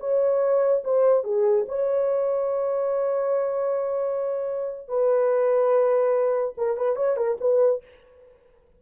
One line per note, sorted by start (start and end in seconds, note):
0.00 0.83 C#5
0.84 1.24 C5
1.24 1.66 G#4
1.68 4.88 C#5
4.88 6.55 B4
6.58 6.77 A#4
6.77 6.96 B4
6.96 7.17 C#5
7.17 7.38 A#4
7.41 7.82 B4